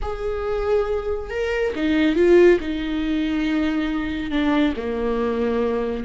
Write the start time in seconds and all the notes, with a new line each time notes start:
0.01 G#4
1.30 A#4
1.75 D#4
2.15 F4
2.60 D#4
4.30 D4
4.76 A#3